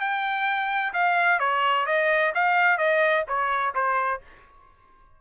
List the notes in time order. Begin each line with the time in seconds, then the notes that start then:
0.00 G5
0.93 F5
1.39 C#5
1.86 D#5
2.34 F5
2.78 D#5
3.28 C#5
3.74 C5